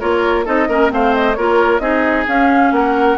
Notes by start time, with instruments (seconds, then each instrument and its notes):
0.00 bassoon A#3, clarinet F4, oboe A#4, flute C#5
0.45 bassoon C4, clarinet D#4, oboe A4, flute D#5
0.68 bassoon A#3, clarinet C#4, oboe A#4
0.89 bassoon A3, clarinet C4, oboe C5, flute F5
1.14 flute D#5
1.34 bassoon A#3, clarinet F4, oboe A#4, flute C#5
1.79 bassoon C4, clarinet D#4, oboe G#4, flute D#5
2.28 bassoon C#4, clarinet C#4, flute F5
2.72 bassoon A#3, oboe A#4, flute F#5